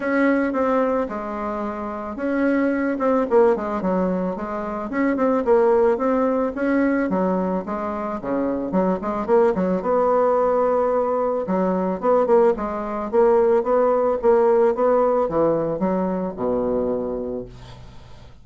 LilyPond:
\new Staff \with { instrumentName = "bassoon" } { \time 4/4 \tempo 4 = 110 cis'4 c'4 gis2 | cis'4. c'8 ais8 gis8 fis4 | gis4 cis'8 c'8 ais4 c'4 | cis'4 fis4 gis4 cis4 |
fis8 gis8 ais8 fis8 b2~ | b4 fis4 b8 ais8 gis4 | ais4 b4 ais4 b4 | e4 fis4 b,2 | }